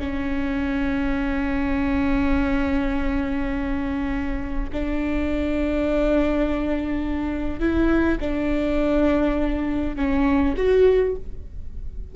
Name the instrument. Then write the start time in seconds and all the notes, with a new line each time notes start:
viola
0.00 C#4
4.73 D4
7.60 E4
8.21 D4
9.97 C#4
10.57 F#4